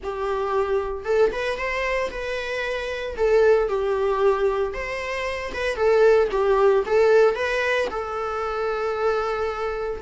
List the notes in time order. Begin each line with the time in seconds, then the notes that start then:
0.03 G4
1.05 A4
1.32 B4
1.57 C5
2.11 B4
3.17 A4
3.68 G4
4.73 C5
5.53 B4
5.76 A4
6.31 G4
6.85 A4
7.35 B4
7.90 A4